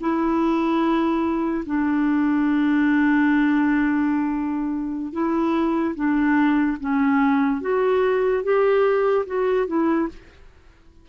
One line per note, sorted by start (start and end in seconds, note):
0.00 1.64 E4
1.66 5.13 D4
5.13 5.95 E4
5.95 6.77 D4
6.80 7.61 C#4
7.61 8.43 F#4
8.43 9.25 G4
9.26 9.67 F#4
9.67 10.08 E4